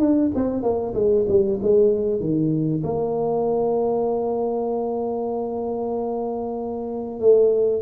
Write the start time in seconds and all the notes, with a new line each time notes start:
0.00 D4
0.35 C4
0.62 A#3
0.94 G#3
1.28 G3
1.62 G#3
2.20 D#3
2.83 A#3
7.20 A3